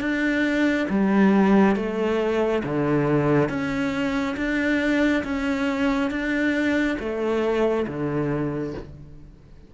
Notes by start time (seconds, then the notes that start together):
0.00 D4
0.89 G3
1.76 A3
2.63 D3
3.49 C#4
4.36 D4
5.24 C#4
6.10 D4
6.99 A3
7.87 D3